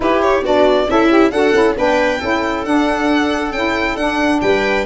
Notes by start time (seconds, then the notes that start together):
0.00 E4 G4 B4
0.21 C#5
0.42 B3 D4 F#4 D5
0.88 C#4 E4 A4 E5
1.09 G4
1.30 D4 F#4 A4 F#5
1.53 C#4 E4
1.76 B3 D4 B4 G5
2.19 C#4 E4 A4
2.64 D4 F#5
3.51 C#4 E4 G5
3.96 D4 F#5
4.41 G3 B4 G5